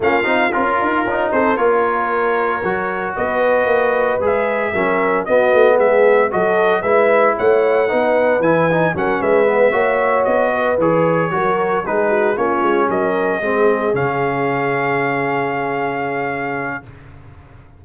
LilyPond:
<<
  \new Staff \with { instrumentName = "trumpet" } { \time 4/4 \tempo 4 = 114 f''4 ais'4. c''8 cis''4~ | cis''2 dis''2 | e''2 dis''4 e''4 | dis''4 e''4 fis''2 |
gis''4 fis''8 e''2 dis''8~ | dis''8 cis''2 b'4 cis''8~ | cis''8 dis''2 f''4.~ | f''1 | }
  \new Staff \with { instrumentName = "horn" } { \time 4/4 f'2~ f'8 a'8 ais'4~ | ais'2 b'2~ | b'4 ais'4 fis'4 gis'4 | a'4 b'4 cis''4 b'4~ |
b'4 ais'8 b'4 cis''4. | b'4. ais'4 gis'8 fis'8 f'8~ | f'8 ais'4 gis'2~ gis'8~ | gis'1 | }
  \new Staff \with { instrumentName = "trombone" } { \time 4/4 cis'8 dis'8 f'4 dis'4 f'4~ | f'4 fis'2. | gis'4 cis'4 b2 | fis'4 e'2 dis'4 |
e'8 dis'8 cis'4 b8 fis'4.~ | fis'8 gis'4 fis'4 dis'4 cis'8~ | cis'4. c'4 cis'4.~ | cis'1 | }
  \new Staff \with { instrumentName = "tuba" } { \time 4/4 ais8 c'8 cis'8 dis'8 cis'8 c'8 ais4~ | ais4 fis4 b4 ais4 | gis4 fis4 b8 a8 gis4 | fis4 gis4 a4 b4 |
e4 fis8 gis4 ais4 b8~ | b8 e4 fis4 gis4 ais8 | gis8 fis4 gis4 cis4.~ | cis1 | }
>>